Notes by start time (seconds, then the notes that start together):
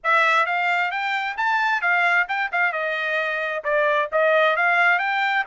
0.03 E5
0.45 F5
0.91 G5
1.37 A5
1.81 F5
2.28 G5
2.51 F5
2.72 D#5
3.64 D5
4.12 D#5
4.56 F5
4.98 G5